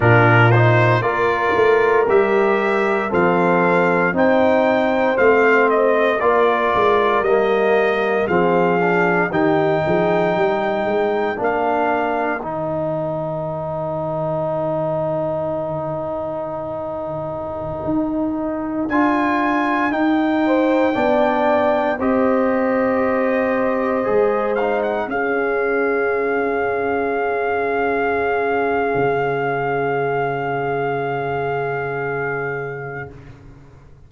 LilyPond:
<<
  \new Staff \with { instrumentName = "trumpet" } { \time 4/4 \tempo 4 = 58 ais'8 c''8 d''4 e''4 f''4 | g''4 f''8 dis''8 d''4 dis''4 | f''4 g''2 f''4 | g''1~ |
g''2~ g''16 gis''4 g''8.~ | g''4~ g''16 dis''2~ dis''8 f''16 | fis''16 f''2.~ f''8.~ | f''1 | }
  \new Staff \with { instrumentName = "horn" } { \time 4/4 f'4 ais'2 a'4 | c''2 ais'2 | gis'4 g'8 gis'8 ais'2~ | ais'1~ |
ais'2.~ ais'8. c''16~ | c''16 d''4 c''2~ c''8.~ | c''16 gis'2.~ gis'8.~ | gis'1 | }
  \new Staff \with { instrumentName = "trombone" } { \time 4/4 d'8 dis'8 f'4 g'4 c'4 | dis'4 c'4 f'4 ais4 | c'8 d'8 dis'2 d'4 | dis'1~ |
dis'2~ dis'16 f'4 dis'8.~ | dis'16 d'4 g'2 gis'8 dis'16~ | dis'16 cis'2.~ cis'8.~ | cis'1 | }
  \new Staff \with { instrumentName = "tuba" } { \time 4/4 ais,4 ais8 a8 g4 f4 | c'4 a4 ais8 gis8 g4 | f4 dis8 f8 g8 gis8 ais4 | dis1~ |
dis4~ dis16 dis'4 d'4 dis'8.~ | dis'16 b4 c'2 gis8.~ | gis16 cis'2.~ cis'8. | cis1 | }
>>